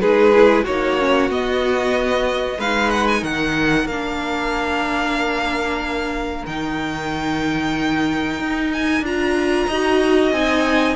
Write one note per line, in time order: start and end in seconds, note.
0.00 0.66 G#3
0.00 0.34 D#4
0.00 0.64 G#4
0.00 0.65 B4
0.34 0.67 E4
0.64 1.30 A#3
0.64 1.00 D#4
0.64 2.57 F#4
0.64 1.31 C#5
1.00 1.31 C#4
1.30 2.59 B3
1.30 2.60 B3
1.30 2.60 D#5
2.59 3.23 G#3
2.59 3.90 D#4
2.59 3.22 B4
2.59 2.91 F5
2.91 3.07 F#5
3.08 3.24 G#5
3.22 3.86 D#3
3.22 9.67 A#4
3.22 3.87 F#5
3.86 6.44 A#3
3.86 6.48 D4
3.86 6.46 F5
6.46 8.39 D#3
6.46 9.05 D#4
6.46 8.72 G5
8.39 9.01 D#4
8.73 9.05 G#5
9.01 9.66 D4
9.01 9.70 F4
9.01 10.32 A#5
9.68 10.32 D#4
9.68 10.34 F#4
9.68 10.97 D#5
10.32 10.96 C4
10.32 10.97 D#4
10.32 10.97 G#5